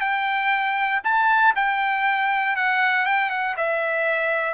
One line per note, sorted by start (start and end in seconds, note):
0.00 1.01 G5
1.04 1.54 A5
1.55 2.56 G5
2.56 3.05 F#5
3.05 3.30 G5
3.30 3.55 F#5
3.57 4.54 E5